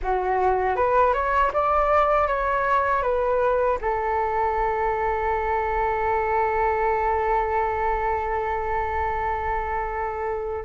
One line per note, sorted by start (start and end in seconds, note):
0.02 0.76 F#4
0.76 1.13 B4
1.13 1.51 C#5
1.53 2.28 D5
2.28 3.02 C#5
3.02 3.78 B4
3.81 10.64 A4